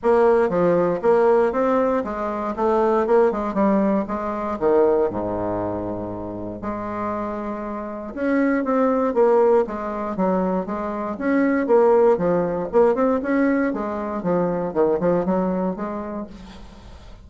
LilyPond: \new Staff \with { instrumentName = "bassoon" } { \time 4/4 \tempo 4 = 118 ais4 f4 ais4 c'4 | gis4 a4 ais8 gis8 g4 | gis4 dis4 gis,2~ | gis,4 gis2. |
cis'4 c'4 ais4 gis4 | fis4 gis4 cis'4 ais4 | f4 ais8 c'8 cis'4 gis4 | f4 dis8 f8 fis4 gis4 | }